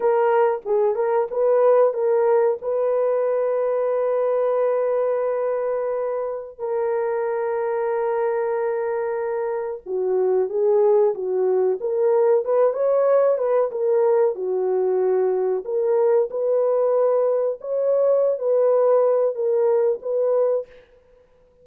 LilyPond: \new Staff \with { instrumentName = "horn" } { \time 4/4 \tempo 4 = 93 ais'4 gis'8 ais'8 b'4 ais'4 | b'1~ | b'2~ b'16 ais'4.~ ais'16~ | ais'2.~ ais'16 fis'8.~ |
fis'16 gis'4 fis'4 ais'4 b'8 cis''16~ | cis''8. b'8 ais'4 fis'4.~ fis'16~ | fis'16 ais'4 b'2 cis''8.~ | cis''8 b'4. ais'4 b'4 | }